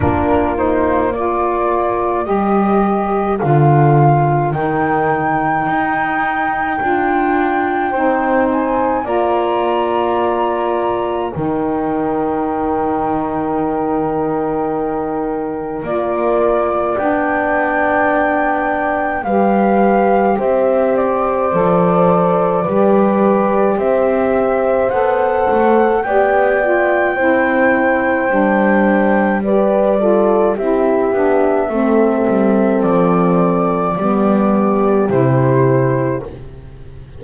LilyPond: <<
  \new Staff \with { instrumentName = "flute" } { \time 4/4 \tempo 4 = 53 ais'8 c''8 d''4 dis''4 f''4 | g''2.~ g''8 gis''8 | ais''2 g''2~ | g''2 d''4 g''4~ |
g''4 f''4 e''8 d''4.~ | d''4 e''4 fis''4 g''4~ | g''2 d''4 e''4~ | e''4 d''2 c''4 | }
  \new Staff \with { instrumentName = "horn" } { \time 4/4 f'4 ais'2.~ | ais'2. c''4 | d''2 ais'2~ | ais'2. d''4~ |
d''4 b'4 c''2 | b'4 c''2 d''4 | c''2 b'8 a'8 g'4 | a'2 g'2 | }
  \new Staff \with { instrumentName = "saxophone" } { \time 4/4 d'8 dis'8 f'4 g'4 f'4 | dis'2 f'4 dis'4 | f'2 dis'2~ | dis'2 f'4 d'4~ |
d'4 g'2 a'4 | g'2 a'4 g'8 f'8 | e'4 d'4 g'8 f'8 e'8 d'8 | c'2 b4 e'4 | }
  \new Staff \with { instrumentName = "double bass" } { \time 4/4 ais2 g4 d4 | dis4 dis'4 d'4 c'4 | ais2 dis2~ | dis2 ais4 b4~ |
b4 g4 c'4 f4 | g4 c'4 b8 a8 b4 | c'4 g2 c'8 b8 | a8 g8 f4 g4 c4 | }
>>